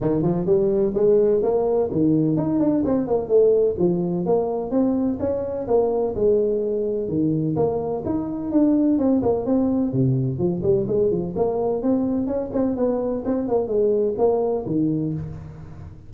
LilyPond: \new Staff \with { instrumentName = "tuba" } { \time 4/4 \tempo 4 = 127 dis8 f8 g4 gis4 ais4 | dis4 dis'8 d'8 c'8 ais8 a4 | f4 ais4 c'4 cis'4 | ais4 gis2 dis4 |
ais4 dis'4 d'4 c'8 ais8 | c'4 c4 f8 g8 gis8 f8 | ais4 c'4 cis'8 c'8 b4 | c'8 ais8 gis4 ais4 dis4 | }